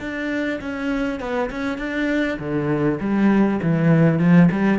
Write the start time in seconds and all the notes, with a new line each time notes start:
0.00 D4
0.61 C#4
1.20 B3
1.51 C#4
1.78 D4
2.39 D3
3.01 G3
3.62 E3
4.19 F3
4.51 G3